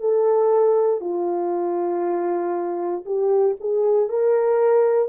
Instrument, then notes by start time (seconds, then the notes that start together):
horn
0.00 A4
1.00 F4
3.05 G4
3.60 G#4
4.09 A#4